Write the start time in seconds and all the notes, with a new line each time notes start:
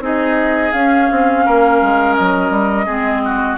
0.00 C4 D#4 G#4 D#5
0.72 C#4 F5
1.11 C4
1.46 A#3 A#4
1.82 G#3
2.15 F#3 D#5
2.50 G3
2.86 G#3 C4 G#4
3.25 F#4